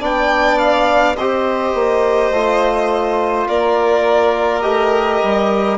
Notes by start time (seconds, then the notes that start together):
0.00 B3 D4 D5 G5
0.58 F5
1.17 C4 G4 C5 D#5
1.74 A#3
2.31 A3 F4
3.48 A#3 A#4 D5
4.62 A3 G4 D#5
5.23 G3